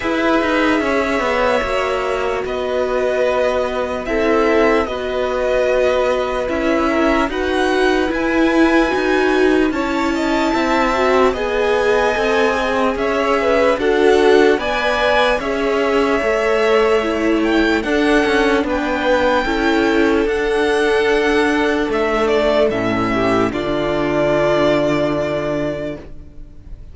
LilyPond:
<<
  \new Staff \with { instrumentName = "violin" } { \time 4/4 \tempo 4 = 74 e''2. dis''4~ | dis''4 e''4 dis''2 | e''4 fis''4 gis''2 | a''2 gis''2 |
e''4 fis''4 gis''4 e''4~ | e''4. g''8 fis''4 g''4~ | g''4 fis''2 e''8 d''8 | e''4 d''2. | }
  \new Staff \with { instrumentName = "violin" } { \time 4/4 b'4 cis''2 b'4~ | b'4 a'4 b'2~ | b'8 ais'8 b'2. | cis''8 dis''8 e''4 dis''2 |
cis''8 b'8 a'4 d''4 cis''4~ | cis''2 a'4 b'4 | a'1~ | a'8 g'8 f'2. | }
  \new Staff \with { instrumentName = "viola" } { \time 4/4 gis'2 fis'2~ | fis'4 e'4 fis'2 | e'4 fis'4 e'4 fis'4 | e'4. fis'8 gis'4 a'8 gis'8~ |
gis'4 fis'4 b'4 gis'4 | a'4 e'4 d'2 | e'4 d'2. | cis'4 d'2. | }
  \new Staff \with { instrumentName = "cello" } { \time 4/4 e'8 dis'8 cis'8 b8 ais4 b4~ | b4 c'4 b2 | cis'4 dis'4 e'4 dis'4 | cis'4 c'4 b4 c'4 |
cis'4 d'4 b4 cis'4 | a2 d'8 cis'8 b4 | cis'4 d'2 a4 | a,4 d2. | }
>>